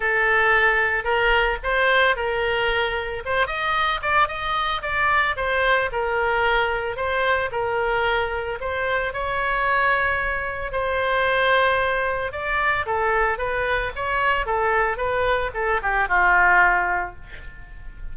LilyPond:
\new Staff \with { instrumentName = "oboe" } { \time 4/4 \tempo 4 = 112 a'2 ais'4 c''4 | ais'2 c''8 dis''4 d''8 | dis''4 d''4 c''4 ais'4~ | ais'4 c''4 ais'2 |
c''4 cis''2. | c''2. d''4 | a'4 b'4 cis''4 a'4 | b'4 a'8 g'8 f'2 | }